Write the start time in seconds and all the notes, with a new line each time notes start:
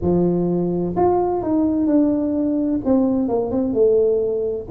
0.01 F3
0.96 F4
1.42 D#4
1.86 D4
2.84 C4
3.28 A#3
3.51 C4
3.73 A3